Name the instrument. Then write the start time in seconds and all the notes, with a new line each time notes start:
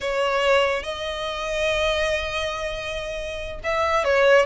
violin
0.00 C#5
0.83 D#5
3.63 E5
4.04 C#5